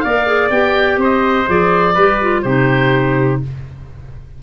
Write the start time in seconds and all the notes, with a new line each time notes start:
0.00 A#3 A#4 D5 F5
0.26 G#4
0.50 B3 G4 G5
0.97 C4 C5
1.04 D#5
1.46 F3 G#4 D5
1.94 G3 G4 B4
2.21 F4
2.42 C3 D#4 G4 C5